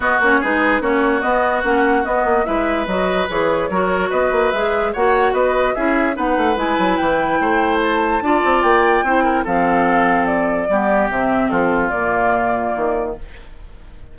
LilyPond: <<
  \new Staff \with { instrumentName = "flute" } { \time 4/4 \tempo 4 = 146 dis''8 cis''8 b'4 cis''4 dis''4 | fis''4 dis''4 e''4 dis''4 | cis''2 dis''4 e''4 | fis''4 dis''4 e''4 fis''4 |
gis''4 g''2 a''4~ | a''4 g''2 f''4~ | f''4 d''2 e''4 | a'4 d''2. | }
  \new Staff \with { instrumentName = "oboe" } { \time 4/4 fis'4 gis'4 fis'2~ | fis'2 b'2~ | b'4 ais'4 b'2 | cis''4 b'4 gis'4 b'4~ |
b'2 c''2 | d''2 c''8 ais'8 a'4~ | a'2 g'2 | f'1 | }
  \new Staff \with { instrumentName = "clarinet" } { \time 4/4 b8 cis'8 dis'4 cis'4 b4 | cis'4 b4 e'4 fis'4 | gis'4 fis'2 gis'4 | fis'2 e'4 dis'4 |
e'1 | f'2 e'4 c'4~ | c'2 b4 c'4~ | c'4 ais2. | }
  \new Staff \with { instrumentName = "bassoon" } { \time 4/4 b8 ais8 gis4 ais4 b4 | ais4 b8 ais8 gis4 fis4 | e4 fis4 b8 ais8 gis4 | ais4 b4 cis'4 b8 a8 |
gis8 fis8 e4 a2 | d'8 c'8 ais4 c'4 f4~ | f2 g4 c4 | f4 ais,2 dis4 | }
>>